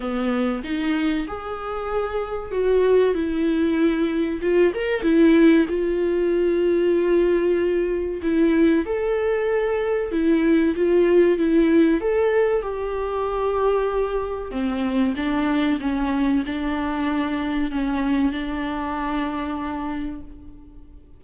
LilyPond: \new Staff \with { instrumentName = "viola" } { \time 4/4 \tempo 4 = 95 b4 dis'4 gis'2 | fis'4 e'2 f'8 ais'8 | e'4 f'2.~ | f'4 e'4 a'2 |
e'4 f'4 e'4 a'4 | g'2. c'4 | d'4 cis'4 d'2 | cis'4 d'2. | }